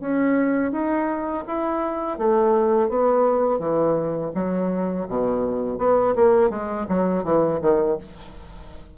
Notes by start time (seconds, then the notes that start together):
0.00 C#4
0.72 D#4
1.47 E4
2.18 A3
2.89 B3
3.59 E3
4.34 F#3
5.08 B2
5.78 B3
6.15 A#3
6.50 G#3
6.88 F#3
7.24 E3
7.61 D#3